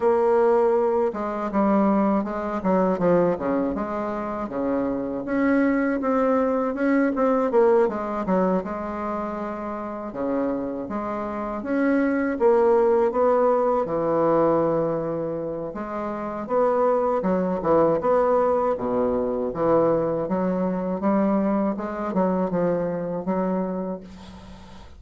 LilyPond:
\new Staff \with { instrumentName = "bassoon" } { \time 4/4 \tempo 4 = 80 ais4. gis8 g4 gis8 fis8 | f8 cis8 gis4 cis4 cis'4 | c'4 cis'8 c'8 ais8 gis8 fis8 gis8~ | gis4. cis4 gis4 cis'8~ |
cis'8 ais4 b4 e4.~ | e4 gis4 b4 fis8 e8 | b4 b,4 e4 fis4 | g4 gis8 fis8 f4 fis4 | }